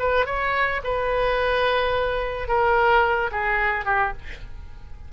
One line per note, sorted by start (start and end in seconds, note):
0.00 0.27 B4
0.27 0.82 C#5
0.84 2.48 B4
2.48 3.31 A#4
3.32 3.86 G#4
3.86 4.13 G4